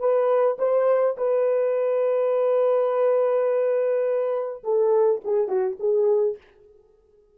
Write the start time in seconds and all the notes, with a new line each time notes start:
0.00 B4
0.59 C5
1.18 B4
4.64 A4
5.25 G#4
5.49 F#4
5.80 G#4